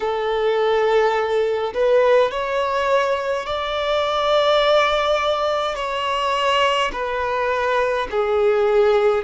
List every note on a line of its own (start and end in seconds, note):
0.00 1.73 A4
1.74 2.31 B4
2.31 3.46 C#5
3.46 5.75 D5
5.75 6.91 C#5
6.92 8.07 B4
8.10 9.24 G#4